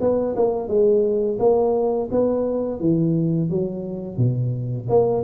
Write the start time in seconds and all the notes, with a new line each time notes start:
0.00 B3
0.36 A#3
0.68 G#3
1.39 A#3
2.11 B3
2.80 E3
3.50 F#3
4.17 B2
4.89 A#3